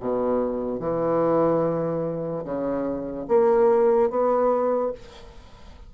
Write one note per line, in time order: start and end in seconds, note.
0.00 0.80 B2
0.80 2.44 E3
2.44 3.27 C#3
3.28 4.10 A#3
4.10 4.92 B3